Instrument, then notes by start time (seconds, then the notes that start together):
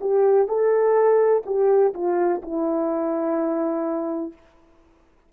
horn
0.00 G4
0.47 A4
1.45 G4
1.93 F4
2.42 E4